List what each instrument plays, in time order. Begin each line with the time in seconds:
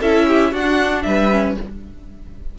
0.00 cello C#4, viola E4, violin A4 E5
0.27 violin G4
0.52 cello D4, viola D4, violin F#4 F#5
1.03 cello G3, violin B4 E5
1.31 viola C#4